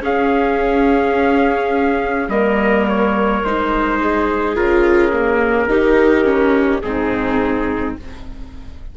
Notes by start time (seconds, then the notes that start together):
0.00 C#4 G#4 F5
2.28 G3 A#3 A#4 D#5
2.88 C#5
3.44 G#3 D#4 C5
4.00 G#4
4.55 C#3 F4 A#4
5.13 A#3
5.67 D#3 D#4 G4
6.24 C#4
6.82 G#2 C4 D#4 G#4